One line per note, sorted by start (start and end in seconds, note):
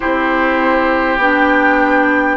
0.00 1.17 C4
0.00 1.19 E4
0.00 2.36 G4
0.00 1.19 C5
1.17 2.36 B3
1.17 2.36 D4
1.17 2.36 G5